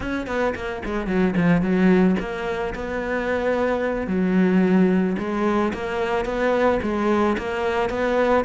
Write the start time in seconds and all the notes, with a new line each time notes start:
0.00 C#4
0.26 B3
0.55 A#3
0.85 G#3
1.07 F#3
1.36 F3
1.61 F#3
2.19 A#3
2.74 B3
4.07 F#3
5.18 G#3
5.73 A#3
6.25 B3
6.82 G#3
7.38 A#3
7.89 B3